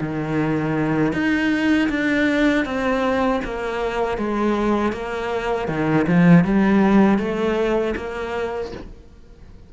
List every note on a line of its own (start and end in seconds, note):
0.00 1.13 D#3
1.13 1.88 D#4
1.89 2.65 D4
2.65 3.41 C4
3.44 4.17 A#3
4.17 4.92 G#3
4.92 5.68 A#3
5.68 6.06 D#3
6.07 6.44 F3
6.44 7.18 G3
7.18 7.94 A3
7.95 8.71 A#3